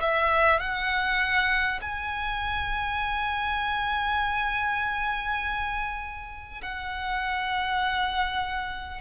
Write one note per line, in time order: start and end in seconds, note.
0.00 0.59 E5
0.59 1.79 F#5
1.81 6.61 G#5
6.62 9.01 F#5